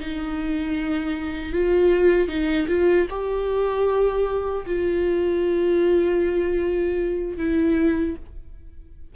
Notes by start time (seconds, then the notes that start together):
0.00 D#4
1.53 F4
2.29 D#4
2.68 F4
3.10 G4
4.66 F4
7.38 E4